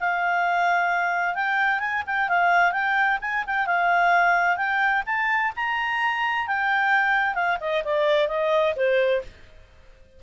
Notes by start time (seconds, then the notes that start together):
0.00 F5
1.35 G5
1.80 G#5
2.06 G5
2.28 F5
2.72 G5
3.21 G#5
3.46 G5
3.66 F5
4.57 G5
5.06 A5
5.56 A#5
6.47 G5
7.34 F5
7.60 D#5
7.84 D5
8.28 D#5
8.76 C5